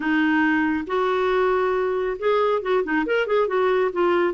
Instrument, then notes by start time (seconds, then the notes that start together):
clarinet
0.00 D#4
0.86 F#4
2.18 G#4
2.61 F#4
2.84 D#4
3.06 A#4
3.26 G#4
3.47 F#4
3.92 F4